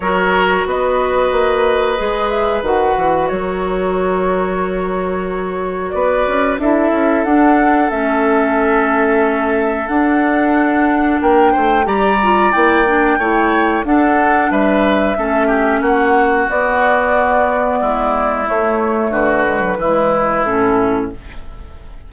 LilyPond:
<<
  \new Staff \with { instrumentName = "flute" } { \time 4/4 \tempo 4 = 91 cis''4 dis''2~ dis''8 e''8 | fis''4 cis''2.~ | cis''4 d''4 e''4 fis''4 | e''2. fis''4~ |
fis''4 g''4 ais''4 g''4~ | g''4 fis''4 e''2 | fis''4 d''2. | cis''4 b'2 a'4 | }
  \new Staff \with { instrumentName = "oboe" } { \time 4/4 ais'4 b'2.~ | b'4 ais'2.~ | ais'4 b'4 a'2~ | a'1~ |
a'4 ais'8 c''8 d''2 | cis''4 a'4 b'4 a'8 g'8 | fis'2. e'4~ | e'4 fis'4 e'2 | }
  \new Staff \with { instrumentName = "clarinet" } { \time 4/4 fis'2. gis'4 | fis'1~ | fis'2 e'4 d'4 | cis'2. d'4~ |
d'2 g'8 f'8 e'8 d'8 | e'4 d'2 cis'4~ | cis'4 b2. | a4. gis16 fis16 gis4 cis'4 | }
  \new Staff \with { instrumentName = "bassoon" } { \time 4/4 fis4 b4 ais4 gis4 | dis8 e8 fis2.~ | fis4 b8 cis'8 d'8 cis'8 d'4 | a2. d'4~ |
d'4 ais8 a8 g4 ais4 | a4 d'4 g4 a4 | ais4 b2 gis4 | a4 d4 e4 a,4 | }
>>